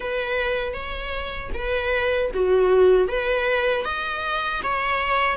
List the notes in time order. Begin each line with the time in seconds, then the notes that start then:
0.00 B4
0.73 C#5
1.54 B4
2.33 F#4
3.08 B4
3.84 D#5
4.63 C#5